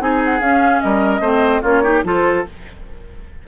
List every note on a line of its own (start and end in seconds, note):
0.00 0.41 C4
0.00 0.41 D#4
0.00 0.84 G#4
0.00 0.22 G#5
0.25 0.41 F#5
0.41 0.81 C#4
0.41 1.22 C#4
0.41 0.81 F5
0.81 1.20 G3
0.81 1.21 A#4
0.81 1.63 D#5
1.20 1.61 A3
1.20 1.63 C4
1.20 1.62 C5
1.62 2.04 A#3
1.62 1.84 C#4
1.62 1.83 F4
1.62 2.04 C#5
1.83 2.04 D#4
1.83 2.04 G4
2.04 2.45 F3
2.04 2.46 F4
2.04 2.48 A4
2.04 2.47 C5